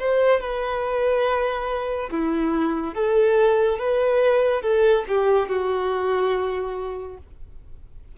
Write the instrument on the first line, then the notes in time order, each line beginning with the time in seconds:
violin
0.00 C5
0.41 B4
2.11 E4
2.95 A4
3.79 B4
4.62 A4
5.09 G4
5.49 F#4